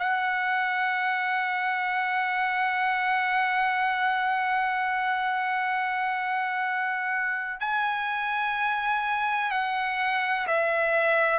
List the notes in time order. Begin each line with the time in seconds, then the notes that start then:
0.00 F#5
7.61 G#5
9.52 F#5
10.48 E5